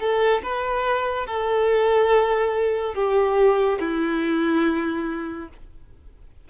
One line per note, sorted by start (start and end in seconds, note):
0.00 0.42 A4
0.43 1.27 B4
1.27 2.95 A4
2.95 3.79 G4
3.80 5.49 E4